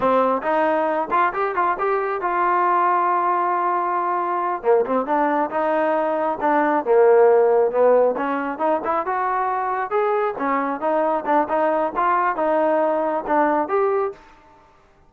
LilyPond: \new Staff \with { instrumentName = "trombone" } { \time 4/4 \tempo 4 = 136 c'4 dis'4. f'8 g'8 f'8 | g'4 f'2.~ | f'2~ f'8 ais8 c'8 d'8~ | d'8 dis'2 d'4 ais8~ |
ais4. b4 cis'4 dis'8 | e'8 fis'2 gis'4 cis'8~ | cis'8 dis'4 d'8 dis'4 f'4 | dis'2 d'4 g'4 | }